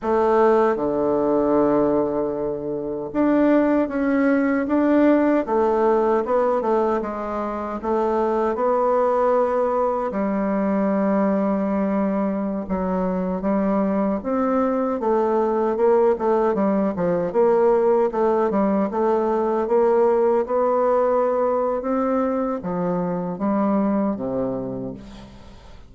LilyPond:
\new Staff \with { instrumentName = "bassoon" } { \time 4/4 \tempo 4 = 77 a4 d2. | d'4 cis'4 d'4 a4 | b8 a8 gis4 a4 b4~ | b4 g2.~ |
g16 fis4 g4 c'4 a8.~ | a16 ais8 a8 g8 f8 ais4 a8 g16~ | g16 a4 ais4 b4.~ b16 | c'4 f4 g4 c4 | }